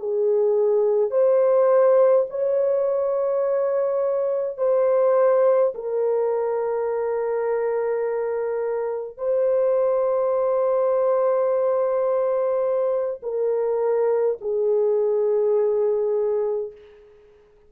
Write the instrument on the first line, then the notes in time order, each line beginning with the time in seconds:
horn
0.00 G#4
1.11 C5
2.30 C#5
4.58 C5
5.75 A#4
9.17 C5
13.23 A#4
14.41 G#4